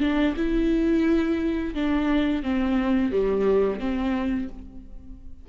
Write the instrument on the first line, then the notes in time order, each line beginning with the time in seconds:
viola
0.00 D4
0.36 E4
1.74 D4
2.43 C4
3.12 G3
3.80 C4